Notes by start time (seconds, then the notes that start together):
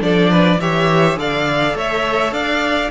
0.00 F3 D4 A4 D5
0.30 B4
0.60 E3 G4 C#5 E5
1.15 D3 A4 D5 F5
1.75 A3 C#5 E5
2.31 D4 D5 F5